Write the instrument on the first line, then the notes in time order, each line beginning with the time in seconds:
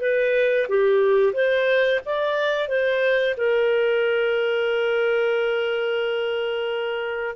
clarinet
0.00 B4
0.68 G4
1.33 C5
2.05 D5
2.68 C5
3.37 A#4